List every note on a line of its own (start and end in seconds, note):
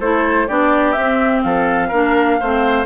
0.00 0.48 A3
0.00 0.48 E4
0.00 0.48 A4
0.00 0.48 C5
0.48 0.97 B3
0.48 0.96 D4
0.48 1.44 G4
0.48 0.92 D5
0.92 1.44 C4
0.92 1.40 E5
0.99 1.93 C4
1.43 1.92 F3
1.43 1.88 A4
1.43 2.86 F5
1.88 2.40 A#3
1.88 2.41 D4
1.88 2.36 A#4
2.40 2.86 A3
2.40 2.86 C4
2.40 2.86 C5